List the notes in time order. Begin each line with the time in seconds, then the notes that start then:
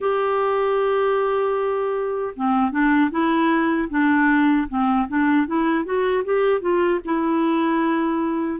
0.00 G4
2.35 C4
2.71 D4
3.10 E4
3.89 D4
4.68 C4
5.08 D4
5.46 E4
5.84 F#4
6.24 G4
6.61 F4
7.04 E4